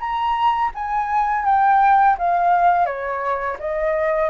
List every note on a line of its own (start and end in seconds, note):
0.00 0.71 A#5
0.75 1.46 G#5
1.46 2.17 G5
2.19 2.86 F5
2.86 3.57 C#5
3.60 4.30 D#5